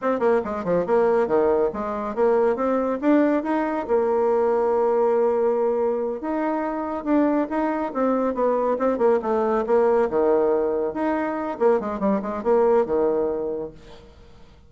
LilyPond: \new Staff \with { instrumentName = "bassoon" } { \time 4/4 \tempo 4 = 140 c'8 ais8 gis8 f8 ais4 dis4 | gis4 ais4 c'4 d'4 | dis'4 ais2.~ | ais2~ ais8 dis'4.~ |
dis'8 d'4 dis'4 c'4 b8~ | b8 c'8 ais8 a4 ais4 dis8~ | dis4. dis'4. ais8 gis8 | g8 gis8 ais4 dis2 | }